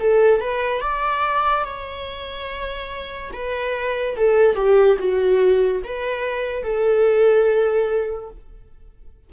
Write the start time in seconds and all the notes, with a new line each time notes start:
0.00 A4
0.41 B4
0.81 D5
1.65 C#5
3.33 B4
4.17 A4
4.56 G4
4.99 F#4
5.84 B4
6.64 A4